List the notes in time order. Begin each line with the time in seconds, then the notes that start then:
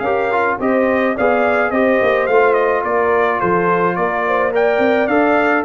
0.00 C#4 G4 A#4 F5
0.32 F4
0.60 C4 G4 C5 D#5
1.15 B3 G#4 D5 F5
1.71 C4 G4 C5 D#5
2.02 A#3
2.27 A3 F4 F5
2.54 D#5
2.84 A#3 A#4 D5
3.40 F3 A4 C5
3.96 A#3 A#4 D5
4.28 C5
4.52 A#4 D5 G5
4.79 C4
5.07 D4 A4 F5